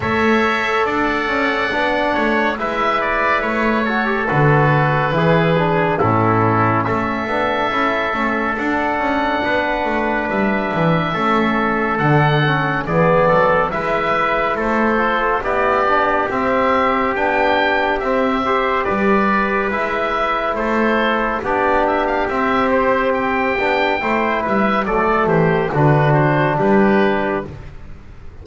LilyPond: <<
  \new Staff \with { instrumentName = "oboe" } { \time 4/4 \tempo 4 = 70 e''4 fis''2 e''8 d''8 | cis''4 b'2 a'4 | e''2 fis''2 | e''2 fis''4 d''4 |
e''4 c''4 d''4 e''4 | g''4 e''4 d''4 e''4 | c''4 d''8 e''16 f''16 e''8 c''8 g''4~ | g''8 e''8 d''8 c''8 b'8 c''8 b'4 | }
  \new Staff \with { instrumentName = "trumpet" } { \time 4/4 cis''4 d''4. cis''8 b'4~ | b'8 a'4. gis'4 e'4 | a'2. b'4~ | b'4 a'2 gis'8 a'8 |
b'4 a'4 g'2~ | g'4. c''8 b'2 | a'4 g'2. | c''8 b'8 a'8 g'8 fis'4 g'4 | }
  \new Staff \with { instrumentName = "trombone" } { \time 4/4 a'2 d'4 e'4~ | e'8 fis'16 g'16 fis'4 e'8 d'8 cis'4~ | cis'8 d'8 e'8 cis'8 d'2~ | d'4 cis'4 d'8 cis'8 b4 |
e'4. f'8 e'8 d'8 c'4 | d'4 c'8 g'4. e'4~ | e'4 d'4 c'4. d'8 | e'4 a4 d'2 | }
  \new Staff \with { instrumentName = "double bass" } { \time 4/4 a4 d'8 cis'8 b8 a8 gis4 | a4 d4 e4 a,4 | a8 b8 cis'8 a8 d'8 cis'8 b8 a8 | g8 e8 a4 d4 e8 fis8 |
gis4 a4 b4 c'4 | b4 c'4 g4 gis4 | a4 b4 c'4. b8 | a8 g8 fis8 e8 d4 g4 | }
>>